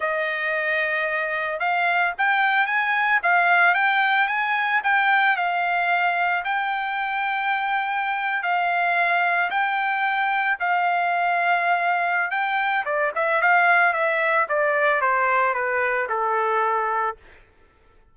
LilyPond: \new Staff \with { instrumentName = "trumpet" } { \time 4/4 \tempo 4 = 112 dis''2. f''4 | g''4 gis''4 f''4 g''4 | gis''4 g''4 f''2 | g''2.~ g''8. f''16~ |
f''4.~ f''16 g''2 f''16~ | f''2. g''4 | d''8 e''8 f''4 e''4 d''4 | c''4 b'4 a'2 | }